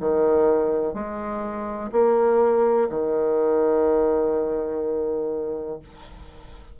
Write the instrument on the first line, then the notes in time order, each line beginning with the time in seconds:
bassoon
0.00 D#3
0.94 G#3
1.92 A#3
2.89 D#3